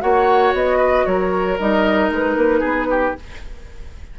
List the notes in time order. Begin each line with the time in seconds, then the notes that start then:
0.00 A#3 F#4 C#5 F#5
0.53 B3 D#5
0.77 B4
1.05 F#3 A#4 C#5
1.59 G3 D#4 D#5
2.10 G#3 B4
2.36 A#3
2.60 B3 G#4
2.90 G4